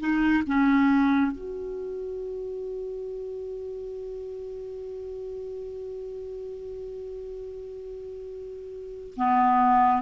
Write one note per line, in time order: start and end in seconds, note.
0.00 0.43 D#4
0.47 1.32 C#4
1.32 9.14 F#4
9.17 10.02 B3